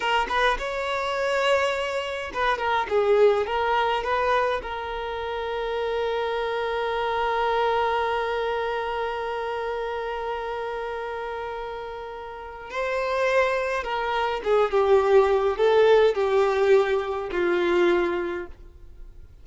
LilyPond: \new Staff \with { instrumentName = "violin" } { \time 4/4 \tempo 4 = 104 ais'8 b'8 cis''2. | b'8 ais'8 gis'4 ais'4 b'4 | ais'1~ | ais'1~ |
ais'1~ | ais'2 c''2 | ais'4 gis'8 g'4. a'4 | g'2 f'2 | }